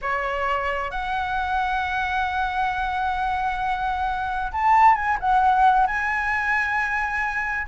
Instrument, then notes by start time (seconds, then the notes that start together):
flute
0.01 C#5
0.90 F#5
4.52 A5
4.95 G#5
5.20 F#5
5.86 G#5